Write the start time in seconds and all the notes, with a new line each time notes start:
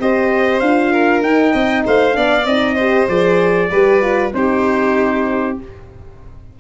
0.00 C4 G4 C5 D#5
0.60 D4 F4 F5
0.92 A#4
1.22 D#4 G5
1.52 C4 D#5
1.86 A3 C5 F5
2.12 B3 D4 D5
2.45 C4 D#4 D#5
2.74 G4 C5
3.08 F3 G#4 D5
3.71 G3 G4 B4
4.01 F4
4.33 C4 D#4 G4 C5